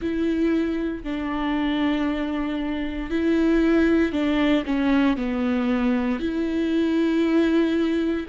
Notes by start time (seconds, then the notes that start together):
0.01 E4
1.03 D4
3.10 E4
4.12 D4
4.65 C#4
5.17 B3
6.19 E4